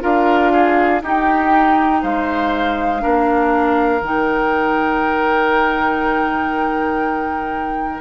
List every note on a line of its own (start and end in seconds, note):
0.00 1.02 D4
0.00 1.00 F4
0.00 0.52 A#4
0.00 1.02 F5
0.52 1.02 G#4
1.02 2.02 D#4
1.02 3.00 D#4
1.02 2.02 G4
1.02 2.03 G5
2.02 3.03 G#3
2.02 3.02 C5
2.02 4.03 F5
3.00 4.00 A#3
3.00 4.00 D4
3.00 8.00 A#4
4.00 8.00 D#3
4.00 8.00 D#4
4.00 8.00 G5